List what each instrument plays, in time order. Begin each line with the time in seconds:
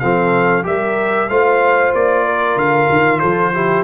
0.00 tuba F3, trombone C4, horn A4, trumpet F5
0.64 tuba G3, trombone G4, horn A#4, trumpet E5
1.30 tuba A3, trombone F4, horn C5, trumpet F5
1.94 tuba A#3, trumpet D5
2.25 horn A#4
2.56 tuba D3, trumpet F5
2.90 tuba D#3
3.20 tuba F3, horn A4, trumpet C5
3.54 trombone E4, horn G4